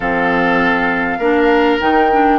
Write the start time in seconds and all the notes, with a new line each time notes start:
0.00 F3 C4 A4 F5
1.18 A#3 D4 A#4
1.80 D#3 D#4 G5
2.11 D4